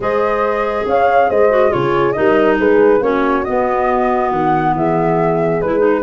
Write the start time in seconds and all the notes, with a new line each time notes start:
0.00 G#3 G#4 C5 D#5
0.86 C#4 C#5 F5
1.29 G#3 C5 D#5
1.50 F#4
1.70 C#3 F4 G#4 C#5
2.12 D#4 A#4 D#5
2.18 G3
2.58 G#3 G#4 B4
3.00 A#3 C#4 F#4 C#5
3.44 B3 D#5
4.31 D#3 F#5
4.74 E3 G#4 E5
5.61 G#3 E4 B4
5.78 D#4